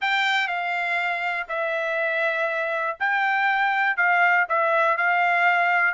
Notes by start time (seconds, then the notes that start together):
0.01 G5
0.47 F5
1.48 E5
2.99 G5
3.97 F5
4.49 E5
4.97 F5